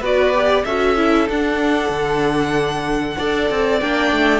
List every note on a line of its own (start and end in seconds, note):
0.00 0.63 B3
0.00 0.33 F#4
0.00 0.63 B4
0.00 0.65 D5
0.33 0.65 G4
0.65 1.28 C#4
0.65 0.97 F#4
0.65 3.17 A4
0.65 1.28 E5
0.97 1.28 E4
1.29 1.89 D4
1.29 3.19 D4
1.29 3.79 F#5
1.89 3.16 D3
3.17 3.50 D4
3.17 3.81 A4
3.17 4.40 D5
3.50 3.81 C4
3.79 4.11 A#3
3.79 4.40 D4
3.79 4.40 G5
4.11 4.40 A3